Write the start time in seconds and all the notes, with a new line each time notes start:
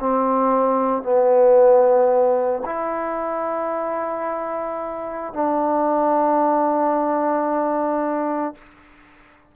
0.00 C4
1.03 B3
2.65 E4
5.33 D4